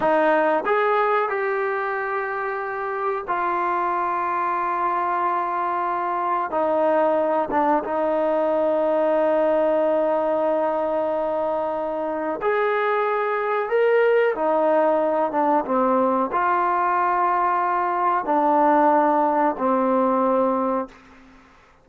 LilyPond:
\new Staff \with { instrumentName = "trombone" } { \time 4/4 \tempo 4 = 92 dis'4 gis'4 g'2~ | g'4 f'2.~ | f'2 dis'4. d'8 | dis'1~ |
dis'2. gis'4~ | gis'4 ais'4 dis'4. d'8 | c'4 f'2. | d'2 c'2 | }